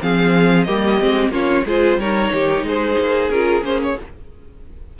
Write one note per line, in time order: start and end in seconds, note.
0.00 0.67 F3
0.00 0.66 C4
0.00 0.67 G#4
0.00 0.63 F5
0.63 1.01 G3
0.63 0.99 A#3
0.63 1.31 G4
0.63 1.29 D#5
1.00 1.28 G#3
1.00 1.31 C4
1.28 1.61 A#3
1.28 1.64 C#4
1.28 1.64 F4
1.28 1.66 C#5
1.64 1.96 G#3
1.64 2.00 F4
1.64 1.98 G#4
1.64 1.99 C5
1.96 2.29 G3
1.96 3.32 D#4
1.96 2.32 A#4
1.96 2.65 C#5
2.32 2.63 D#3
2.32 2.66 G4
2.63 2.96 G#3
2.63 3.99 G#4
2.63 3.30 C5
2.99 3.29 A#3
3.29 3.61 C#4
3.29 3.63 F4
3.29 3.63 A#4
3.61 3.94 A#3
3.61 3.96 C#4
3.61 3.81 C5
3.83 3.99 C#5